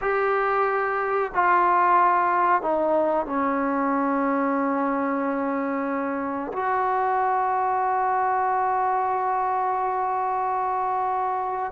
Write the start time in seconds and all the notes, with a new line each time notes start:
0.01 G4
1.34 F4
2.61 D#4
3.25 C#4
6.52 F#4